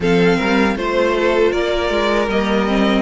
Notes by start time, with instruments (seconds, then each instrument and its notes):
0.00 cello F3, viola C4, violin A4 F5
0.37 cello G3, violin A#4
0.76 cello A3, viola F4, violin C5
1.18 violin A4
1.51 cello A#3, violin A#4 D5
1.89 cello G#3
2.27 cello G3, viola A#3, violin D#5
2.67 viola C4